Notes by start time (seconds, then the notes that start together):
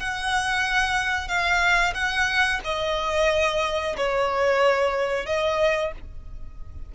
0.00 F#5
1.28 F5
1.95 F#5
2.65 D#5
3.97 C#5
5.27 D#5